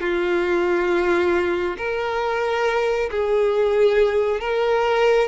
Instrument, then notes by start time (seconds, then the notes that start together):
violin
0.00 F4
1.77 A#4
3.10 G#4
4.40 A#4